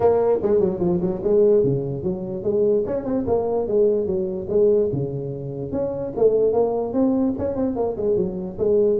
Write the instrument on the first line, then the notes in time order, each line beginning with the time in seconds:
tuba
0.00 A#3
0.42 G#3
0.60 F#3
0.79 F3
1.01 F#3
1.23 G#3
1.63 C#3
2.03 F#3
2.43 G#3
2.86 C#4
3.05 C4
3.27 A#3
3.67 G#3
4.06 F#3
4.49 G#3
4.92 C#3
5.72 C#4
6.16 A3
6.53 A#3
6.93 C4
7.38 C#4
7.55 C4
7.76 A#3
7.96 G#3
8.16 F#3
8.58 G#3